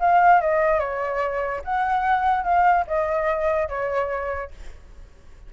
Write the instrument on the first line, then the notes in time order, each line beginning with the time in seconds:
flute
0.00 F5
0.41 D#5
0.80 C#5
1.64 F#5
2.44 F5
2.87 D#5
3.69 C#5